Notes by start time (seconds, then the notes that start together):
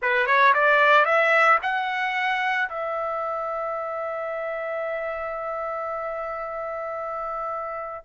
0.01 B4
0.26 C#5
0.54 D5
1.05 E5
1.62 F#5
2.68 E5